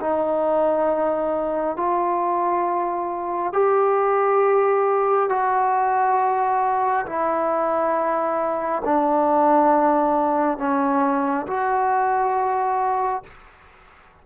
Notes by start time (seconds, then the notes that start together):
0.00 D#4
1.76 F4
3.53 G4
5.29 F#4
7.05 E4
8.85 D4
10.58 C#4
11.46 F#4